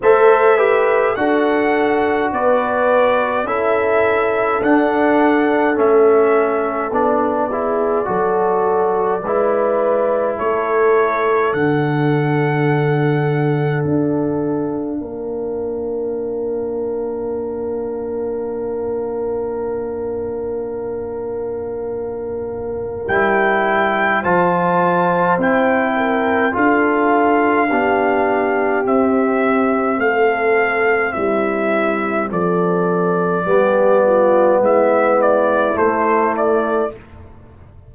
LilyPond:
<<
  \new Staff \with { instrumentName = "trumpet" } { \time 4/4 \tempo 4 = 52 e''4 fis''4 d''4 e''4 | fis''4 e''4 d''2~ | d''4 cis''4 fis''2 | f''1~ |
f''1 | g''4 a''4 g''4 f''4~ | f''4 e''4 f''4 e''4 | d''2 e''8 d''8 c''8 d''8 | }
  \new Staff \with { instrumentName = "horn" } { \time 4/4 c''8 b'8 a'4 b'4 a'4~ | a'2~ a'8 gis'8 a'4 | b'4 a'2.~ | a'4 ais'2.~ |
ais'1~ | ais'4 c''4. ais'8 a'4 | g'2 a'4 e'4 | a'4 g'8 f'8 e'2 | }
  \new Staff \with { instrumentName = "trombone" } { \time 4/4 a'8 g'8 fis'2 e'4 | d'4 cis'4 d'8 e'8 fis'4 | e'2 d'2~ | d'1~ |
d'1 | e'4 f'4 e'4 f'4 | d'4 c'2.~ | c'4 b2 a4 | }
  \new Staff \with { instrumentName = "tuba" } { \time 4/4 a4 d'4 b4 cis'4 | d'4 a4 b4 fis4 | gis4 a4 d2 | d'4 ais2.~ |
ais1 | g4 f4 c'4 d'4 | b4 c'4 a4 g4 | f4 g4 gis4 a4 | }
>>